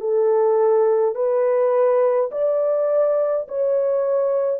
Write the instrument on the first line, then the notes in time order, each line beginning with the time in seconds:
horn
0.00 A4
1.14 B4
2.31 D5
3.48 C#5